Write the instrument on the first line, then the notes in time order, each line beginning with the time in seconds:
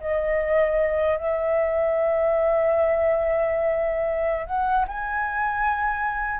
flute
0.00 D#5
1.17 E5
4.46 F#5
4.87 G#5